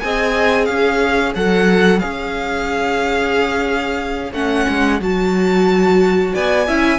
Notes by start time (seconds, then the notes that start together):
0.00 C4 G#4 D#5 G#5
0.66 C#4 C#5 F5
1.35 F#3 A4 F#5
2.00 C#4 G#4 F5
4.33 A3 C#4 F#5
4.69 G#3
5.00 F#3 F#4 A5
6.34 B3 D5 G#5
6.68 C#4 E4 E5